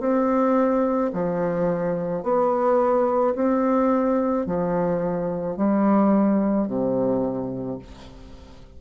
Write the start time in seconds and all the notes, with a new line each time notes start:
0.00 C4
1.13 F3
2.24 B3
3.35 C4
4.46 F3
5.57 G3
6.68 C3